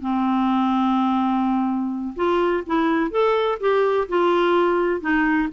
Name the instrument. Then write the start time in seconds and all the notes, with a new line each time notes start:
clarinet
0.00 C4
2.16 F4
2.66 E4
3.11 A4
3.60 G4
4.08 F4
5.00 D#4